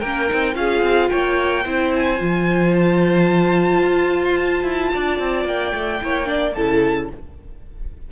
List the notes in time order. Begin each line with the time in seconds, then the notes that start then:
0.00 A#3 C#4 A#4 G5
0.29 C4 D#4
0.54 C#4 F4 G#4 F5
0.82 C4
1.10 A#3 C#5 G5
1.64 C4 E4 C5
1.95 G#5
2.19 F3 F4
2.75 A5
3.83 F4
4.25 C6
4.36 A5
4.63 E4
4.94 D4 D5
5.19 C4
5.45 A#3 G5
5.74 A3
6.01 A#3 E4 C#5
6.25 D4 D5
6.54 C#3 E4 A4 A5